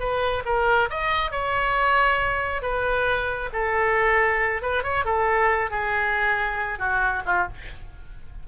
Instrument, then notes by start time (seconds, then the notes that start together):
oboe
0.00 B4
0.46 A#4
0.90 D#5
1.32 C#5
2.62 B4
3.53 A4
4.63 B4
4.84 C#5
5.05 A4
5.71 G#4
6.79 F#4
7.26 F4